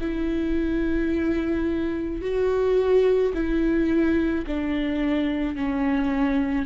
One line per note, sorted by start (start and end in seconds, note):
0.00 2.22 E4
2.22 3.33 F#4
3.34 4.45 E4
4.46 5.56 D4
5.56 6.66 C#4